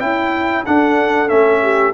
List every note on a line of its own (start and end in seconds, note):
0.00 0.65 C#4
0.00 0.65 E4
0.00 0.66 E4
0.00 0.65 G5
0.66 1.29 D4
0.66 1.31 D4
0.66 1.63 A4
0.66 1.29 F#5
1.29 1.94 A3
1.29 1.93 C#4
1.29 1.94 E5
1.63 1.94 G4